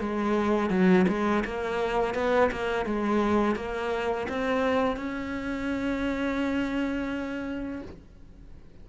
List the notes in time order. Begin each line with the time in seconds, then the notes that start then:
0.00 G#3
0.70 F#3
1.08 G#3
1.45 A#3
2.15 B3
2.52 A#3
2.86 G#3
3.56 A#3
4.29 C4
4.97 C#4